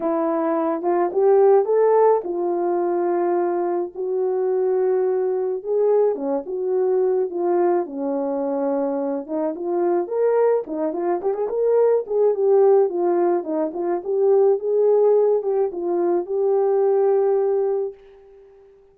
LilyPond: \new Staff \with { instrumentName = "horn" } { \time 4/4 \tempo 4 = 107 e'4. f'8 g'4 a'4 | f'2. fis'4~ | fis'2 gis'4 cis'8 fis'8~ | fis'4 f'4 cis'2~ |
cis'8 dis'8 f'4 ais'4 dis'8 f'8 | g'16 gis'16 ais'4 gis'8 g'4 f'4 | dis'8 f'8 g'4 gis'4. g'8 | f'4 g'2. | }